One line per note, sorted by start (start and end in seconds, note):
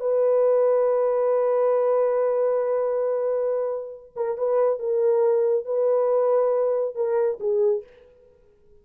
0.00 4.13 B4
4.16 4.38 A#4
4.38 4.79 B4
4.79 5.65 A#4
5.65 6.95 B4
6.95 7.39 A#4
7.40 7.83 G#4